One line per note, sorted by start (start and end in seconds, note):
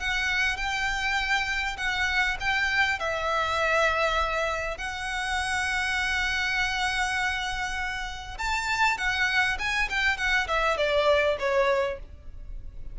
0.00 0.57 F#5
0.57 1.77 G5
1.78 2.38 F#5
2.41 2.99 G5
2.99 4.78 E5
4.78 8.38 F#5
8.39 8.98 A5
8.98 9.58 F#5
9.59 9.89 G#5
9.90 10.18 G5
10.18 10.48 F#5
10.48 10.78 E5
10.78 11.38 D5
11.39 11.99 C#5